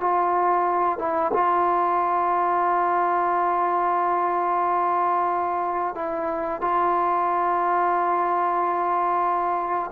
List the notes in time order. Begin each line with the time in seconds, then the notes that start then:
0.00 F4
0.99 E4
1.33 F4
5.95 E4
6.61 F4